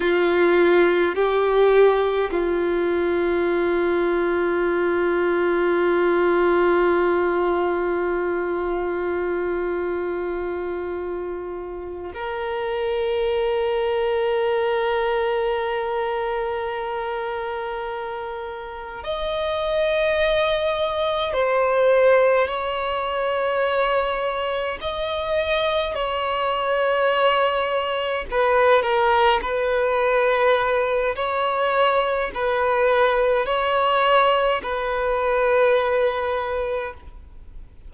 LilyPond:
\new Staff \with { instrumentName = "violin" } { \time 4/4 \tempo 4 = 52 f'4 g'4 f'2~ | f'1~ | f'2~ f'8 ais'4.~ | ais'1~ |
ais'8 dis''2 c''4 cis''8~ | cis''4. dis''4 cis''4.~ | cis''8 b'8 ais'8 b'4. cis''4 | b'4 cis''4 b'2 | }